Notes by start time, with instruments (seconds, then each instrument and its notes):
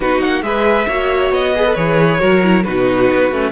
0.00 cello B3, viola D#4, violin F#4 B4
0.21 cello A#3, violin F#5
0.42 cello G#3, viola G#4, violin B4 E5
0.87 cello A#3, viola F#4, violin C#5
1.30 cello B3, violin D#5
1.55 viola G#4, violin B4
1.66 viola A4
1.74 cello E3, viola G#4, violin C#5
2.19 cello F#3, viola F#4, violin A#4
2.43 viola E4
2.64 cello B2, viola D#4, violin F#4 B4
3.11 cello B3
3.31 cello A3, viola C#4